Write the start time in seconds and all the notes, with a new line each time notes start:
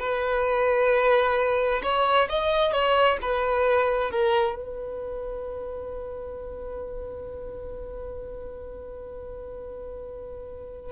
0.00 B4
1.83 C#5
2.30 D#5
2.73 C#5
3.22 B4
4.11 A#4
4.56 B4